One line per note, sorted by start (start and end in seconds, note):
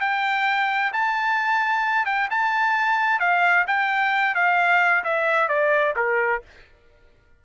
0.00 0.92 G5
0.93 2.05 A5
2.05 2.28 G5
2.30 3.19 A5
3.19 3.65 F5
3.67 4.34 G5
4.34 5.03 F5
5.04 5.48 E5
5.48 5.94 D5
5.96 6.42 A#4